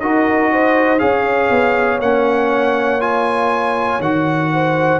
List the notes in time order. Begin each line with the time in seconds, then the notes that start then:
0.00 D#4 F#4 A#4 D#5
0.52 C5
0.99 C#4 G#4 C#5 F5
1.50 B3
2.00 A#3 C#4 F#5
3.00 F4 G#5
4.00 D#3 F#4 F#5
4.53 C5